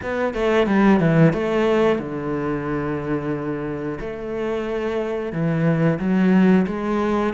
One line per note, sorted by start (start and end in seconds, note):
0.02 0.33 B3
0.33 0.66 A3
0.66 0.99 G3
0.99 1.33 E3
1.33 1.98 A3
1.98 3.98 D3
4.00 5.32 A3
5.32 5.98 E3
5.99 6.65 F#3
6.67 7.33 G#3